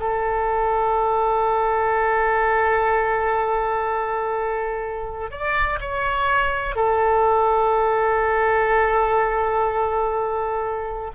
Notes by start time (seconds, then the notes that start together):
0.00 A4
5.31 D5
5.81 C#5
6.76 A4